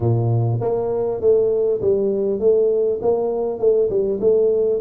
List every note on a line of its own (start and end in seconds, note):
0.00 0.59 A#2
0.60 1.20 A#3
1.20 1.80 A3
1.81 2.39 G3
2.39 2.99 A3
3.01 3.59 A#3
3.59 3.89 A3
3.89 4.19 G3
4.20 4.80 A3